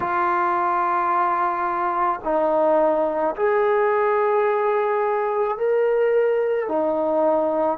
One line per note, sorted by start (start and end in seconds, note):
0.00 2.20 F4
2.24 3.35 D#4
3.35 5.57 G#4
5.57 6.68 A#4
6.68 7.78 D#4